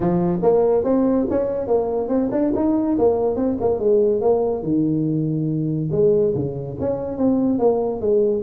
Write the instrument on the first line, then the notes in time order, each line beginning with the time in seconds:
tuba
0.00 F3
0.42 A#3
0.84 C4
1.30 C#4
1.67 A#3
2.08 C4
2.31 D4
2.55 D#4
2.98 A#3
3.36 C4
3.60 A#3
3.79 G#3
4.21 A#3
4.62 D#3
5.91 G#3
6.35 C#3
6.80 C#4
7.17 C4
7.58 A#3
8.01 G#3